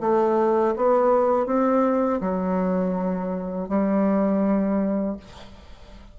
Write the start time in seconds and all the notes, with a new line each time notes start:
0.00 A3
0.76 B3
1.46 C4
2.20 F#3
3.68 G3